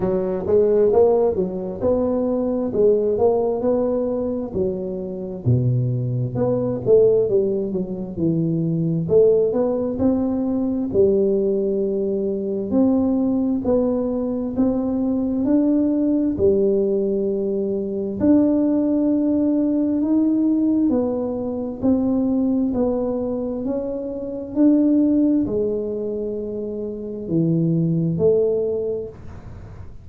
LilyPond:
\new Staff \with { instrumentName = "tuba" } { \time 4/4 \tempo 4 = 66 fis8 gis8 ais8 fis8 b4 gis8 ais8 | b4 fis4 b,4 b8 a8 | g8 fis8 e4 a8 b8 c'4 | g2 c'4 b4 |
c'4 d'4 g2 | d'2 dis'4 b4 | c'4 b4 cis'4 d'4 | gis2 e4 a4 | }